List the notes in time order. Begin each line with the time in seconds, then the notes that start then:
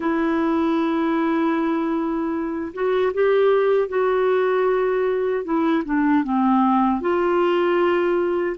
0.00 E4
2.73 F#4
3.13 G4
3.88 F#4
5.44 E4
5.84 D4
6.23 C4
7.00 F4